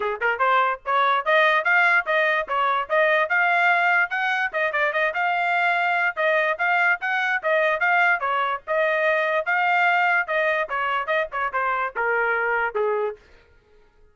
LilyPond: \new Staff \with { instrumentName = "trumpet" } { \time 4/4 \tempo 4 = 146 gis'8 ais'8 c''4 cis''4 dis''4 | f''4 dis''4 cis''4 dis''4 | f''2 fis''4 dis''8 d''8 | dis''8 f''2~ f''8 dis''4 |
f''4 fis''4 dis''4 f''4 | cis''4 dis''2 f''4~ | f''4 dis''4 cis''4 dis''8 cis''8 | c''4 ais'2 gis'4 | }